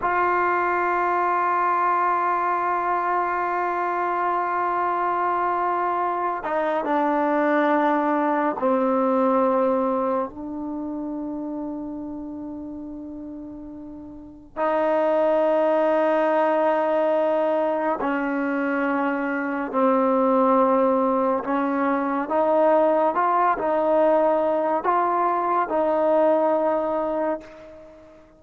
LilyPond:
\new Staff \with { instrumentName = "trombone" } { \time 4/4 \tempo 4 = 70 f'1~ | f'2.~ f'8 dis'8 | d'2 c'2 | d'1~ |
d'4 dis'2.~ | dis'4 cis'2 c'4~ | c'4 cis'4 dis'4 f'8 dis'8~ | dis'4 f'4 dis'2 | }